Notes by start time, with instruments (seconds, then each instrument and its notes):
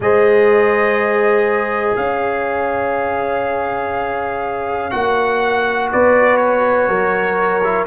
0.00 tuba G#3, trombone G#4, horn C5, trumpet D#5
1.95 tuba C#4, horn C#5, trumpet F5
4.90 tuba A#3, trombone F#4, trumpet F#5
5.92 tuba B3, horn B4, trumpet D5
6.36 trumpet C#5
6.88 tuba F#3, horn A#4
7.64 trombone E4